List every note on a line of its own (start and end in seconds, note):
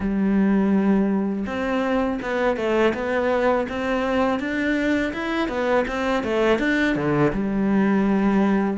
0.00 1.45 G3
1.46 2.19 C4
2.22 2.56 B3
2.56 2.93 A3
2.94 3.67 B3
3.69 4.39 C4
4.39 5.12 D4
5.13 5.48 E4
5.48 5.85 B3
5.87 6.23 C4
6.23 6.59 A3
6.59 6.95 D4
6.95 7.32 D3
7.32 8.77 G3